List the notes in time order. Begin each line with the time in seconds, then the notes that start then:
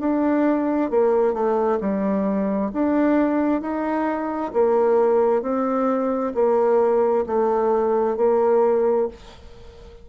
0.00 D4
0.90 A#3
1.33 A3
1.80 G3
2.73 D4
3.61 D#4
4.53 A#3
5.42 C4
6.34 A#3
7.26 A3
8.17 A#3